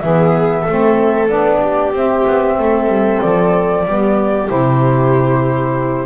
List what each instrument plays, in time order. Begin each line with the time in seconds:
0.00 double bass E3, saxophone B3, viola G#4, flute E5
0.62 viola A4
0.68 double bass A3, saxophone C4
1.28 double bass B3, saxophone D4, flute D5
1.62 viola G4
1.93 double bass C4, saxophone C4, flute E5
2.27 double bass B3
2.59 double bass A3, viola A4
2.87 double bass G3
3.21 double bass F3, flute D5
3.85 double bass G3, saxophone B3, viola G4
4.48 double bass C3, saxophone E4, flute C5